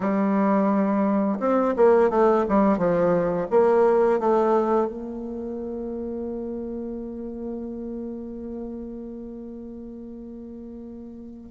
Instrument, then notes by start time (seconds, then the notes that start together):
bassoon
0.00 G3
1.40 C4
1.76 A#3
2.10 A3
2.48 G3
2.77 F3
3.50 A#3
4.19 A3
4.87 A#3